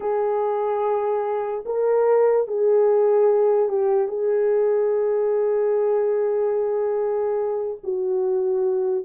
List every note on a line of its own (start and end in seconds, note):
0.00 1.64 G#4
1.65 2.47 A#4
2.47 3.68 G#4
3.68 4.08 G4
4.08 7.77 G#4
7.83 9.04 F#4